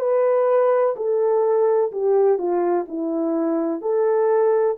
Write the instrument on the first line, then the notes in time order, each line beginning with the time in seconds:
horn
0.00 B4
0.96 A4
1.92 G4
2.38 F4
2.88 E4
3.81 A4